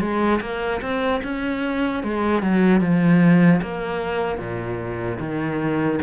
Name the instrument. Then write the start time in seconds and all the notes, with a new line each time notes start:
cello
0.00 G#3
0.41 A#3
0.81 C4
1.24 C#4
2.03 G#3
2.42 F#3
2.81 F3
3.62 A#3
4.38 A#2
5.20 D#3